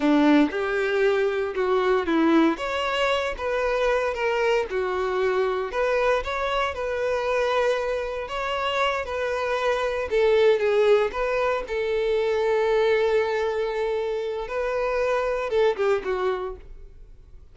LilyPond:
\new Staff \with { instrumentName = "violin" } { \time 4/4 \tempo 4 = 116 d'4 g'2 fis'4 | e'4 cis''4. b'4. | ais'4 fis'2 b'4 | cis''4 b'2. |
cis''4. b'2 a'8~ | a'8 gis'4 b'4 a'4.~ | a'1 | b'2 a'8 g'8 fis'4 | }